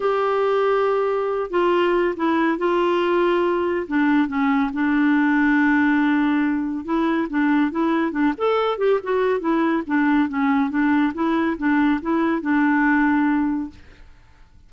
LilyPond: \new Staff \with { instrumentName = "clarinet" } { \time 4/4 \tempo 4 = 140 g'2.~ g'8 f'8~ | f'4 e'4 f'2~ | f'4 d'4 cis'4 d'4~ | d'1 |
e'4 d'4 e'4 d'8 a'8~ | a'8 g'8 fis'4 e'4 d'4 | cis'4 d'4 e'4 d'4 | e'4 d'2. | }